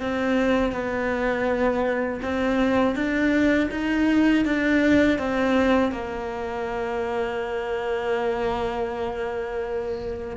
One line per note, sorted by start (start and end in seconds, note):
0.00 0.72 C4
0.72 2.20 B3
2.22 2.95 C4
2.95 3.69 D4
3.71 4.45 D#4
4.45 5.19 D4
5.19 5.92 C4
5.92 10.36 A#3